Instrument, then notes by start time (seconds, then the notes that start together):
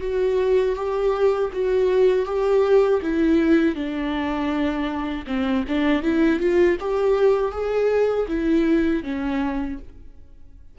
viola
0.00 F#4
0.75 G4
1.53 F#4
2.25 G4
3.01 E4
3.75 D4
5.26 C4
5.68 D4
6.02 E4
6.39 F4
6.80 G4
7.51 G#4
8.28 E4
9.03 C#4